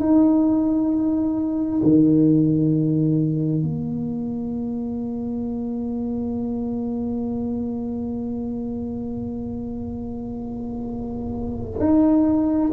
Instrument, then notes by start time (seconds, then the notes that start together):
tuba
0.00 D#4
1.83 D#3
3.63 A#3
11.80 D#4